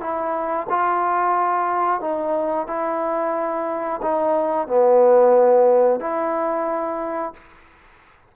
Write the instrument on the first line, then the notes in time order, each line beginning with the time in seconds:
trombone
0.00 E4
0.69 F4
2.01 D#4
2.67 E4
4.02 D#4
4.67 B3
6.00 E4